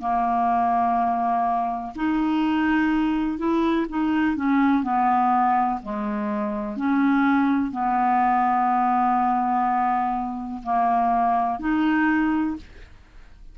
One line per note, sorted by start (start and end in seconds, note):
0.00 1.94 A#3
1.95 3.38 D#4
3.38 3.86 E4
3.89 4.36 D#4
4.36 4.83 C#4
4.83 5.80 B3
5.82 6.77 G#3
6.77 7.72 C#4
7.72 10.62 B3
10.63 11.60 A#3
11.60 12.56 D#4